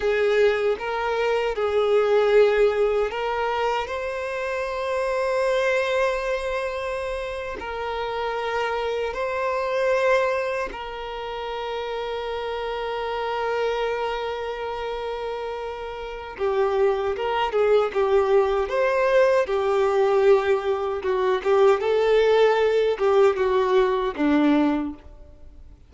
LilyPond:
\new Staff \with { instrumentName = "violin" } { \time 4/4 \tempo 4 = 77 gis'4 ais'4 gis'2 | ais'4 c''2.~ | c''4.~ c''16 ais'2 c''16~ | c''4.~ c''16 ais'2~ ais'16~ |
ais'1~ | ais'4 g'4 ais'8 gis'8 g'4 | c''4 g'2 fis'8 g'8 | a'4. g'8 fis'4 d'4 | }